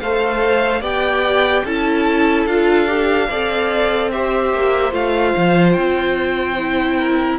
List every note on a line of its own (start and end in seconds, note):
0.00 0.81 A3
0.00 0.82 A4
0.00 0.81 C5
0.00 0.82 F5
0.81 1.63 B3
0.81 1.64 G4
0.81 1.63 D5
0.81 1.66 G5
1.64 2.46 C#4
1.64 2.49 E4
1.64 3.29 A4
1.64 2.46 A5
2.46 3.28 D4
2.46 2.87 F4
2.46 4.10 F5
2.87 3.28 G4
3.29 4.53 C4
3.29 4.12 A4
3.29 4.11 D5
4.11 4.91 G4
4.11 6.98 C5
4.11 4.93 E5
4.53 4.92 A#3
4.91 5.33 A3
4.91 6.55 F4
4.91 5.72 F5
5.36 5.77 F3
5.72 7.39 C4
5.72 7.37 G5
6.58 7.39 E4
6.98 7.39 A#4